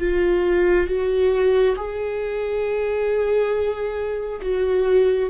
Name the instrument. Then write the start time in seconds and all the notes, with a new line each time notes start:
viola
0.00 F4
0.87 F#4
1.76 G#4
4.42 F#4